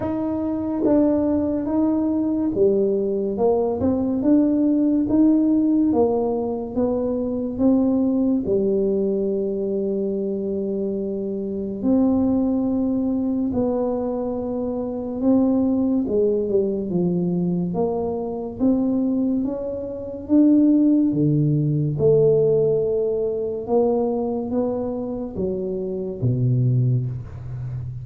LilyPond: \new Staff \with { instrumentName = "tuba" } { \time 4/4 \tempo 4 = 71 dis'4 d'4 dis'4 g4 | ais8 c'8 d'4 dis'4 ais4 | b4 c'4 g2~ | g2 c'2 |
b2 c'4 gis8 g8 | f4 ais4 c'4 cis'4 | d'4 d4 a2 | ais4 b4 fis4 b,4 | }